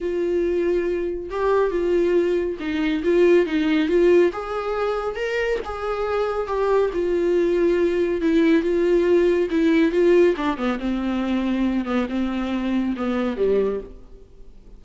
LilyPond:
\new Staff \with { instrumentName = "viola" } { \time 4/4 \tempo 4 = 139 f'2. g'4 | f'2 dis'4 f'4 | dis'4 f'4 gis'2 | ais'4 gis'2 g'4 |
f'2. e'4 | f'2 e'4 f'4 | d'8 b8 c'2~ c'8 b8 | c'2 b4 g4 | }